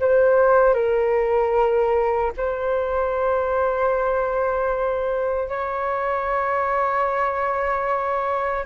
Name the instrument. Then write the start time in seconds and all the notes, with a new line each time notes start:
flute
0.00 C5
0.74 A#4
2.37 C5
5.49 C#5